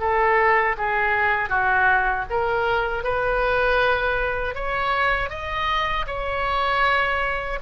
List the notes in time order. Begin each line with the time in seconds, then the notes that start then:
0.00 A4
0.78 G#4
1.49 F#4
2.30 A#4
3.04 B4
4.55 C#5
5.30 D#5
6.07 C#5